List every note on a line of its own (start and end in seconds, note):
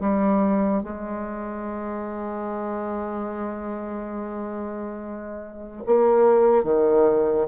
0.00 0.83 G3
0.83 5.83 G#3
5.86 6.64 A#3
6.64 7.47 D#3